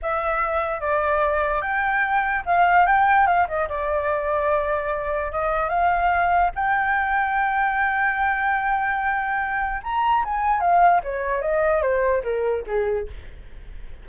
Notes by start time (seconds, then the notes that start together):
0.01 E5
0.80 D5
1.61 G5
2.45 F5
2.86 G5
3.27 F5
3.47 D#5
3.68 D5
5.32 D#5
5.69 F5
6.55 G5
9.83 A#5
10.24 G#5
10.60 F5
11.03 C#5
11.41 D#5
11.82 C5
12.23 A#4
12.66 G#4